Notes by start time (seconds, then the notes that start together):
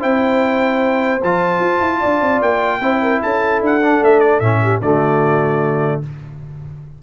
0.00 C4 E4 C5 G5
1.23 F3 F4 A5
1.60 F4
1.80 E4
2.00 D4 D5
2.22 C4
2.42 A#3 G5
2.81 C4 E4 C5
3.02 A#4
3.22 C#4 A4 A5
3.62 D4 F#5
3.82 D4
4.02 A3 E5
4.20 D5
4.40 A2 C#4 E5
4.63 G4
4.81 D3 A3 F#4 D5